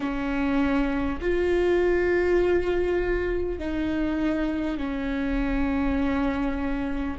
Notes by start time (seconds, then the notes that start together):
0.00 C#4
1.20 F4
3.58 D#4
4.77 C#4